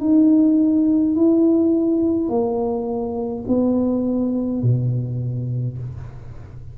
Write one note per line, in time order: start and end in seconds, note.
0.00 1.15 D#4
1.15 2.29 E4
2.29 3.45 A#3
3.48 4.63 B3
4.63 5.78 B2